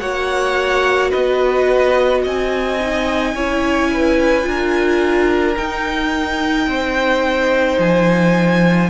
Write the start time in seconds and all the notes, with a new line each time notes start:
0.00 A#3 F#4 C#5 F#5
1.10 B3 B4 D#5
2.23 C4 D#5 G#5
2.81 D#4
3.34 C#4 E4 C#5
3.94 B4
4.43 D4 F4 A#4
5.57 D#4 G5
6.67 C4 C5
7.78 F3 G#5